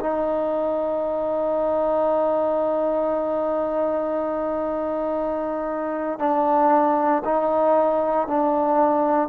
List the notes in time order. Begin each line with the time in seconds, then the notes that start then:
0.00 D#4
6.19 D4
7.25 D#4
8.27 D4